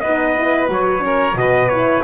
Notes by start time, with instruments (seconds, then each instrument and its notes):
0.00 double bass B3, horn D#4, violin B4, trumpet D#5
0.37 horn E4
0.67 double bass F#3, horn F#4, trumpet C#5
0.99 horn C#4, violin A#4
1.35 double bass B2, horn F#4, trumpet D#5
1.41 violin B4
1.69 horn E4, trumpet C#5